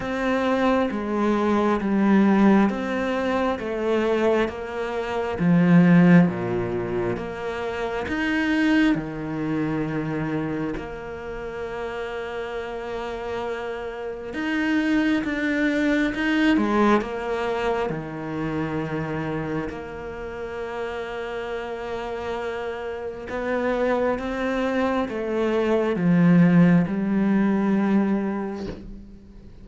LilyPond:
\new Staff \with { instrumentName = "cello" } { \time 4/4 \tempo 4 = 67 c'4 gis4 g4 c'4 | a4 ais4 f4 ais,4 | ais4 dis'4 dis2 | ais1 |
dis'4 d'4 dis'8 gis8 ais4 | dis2 ais2~ | ais2 b4 c'4 | a4 f4 g2 | }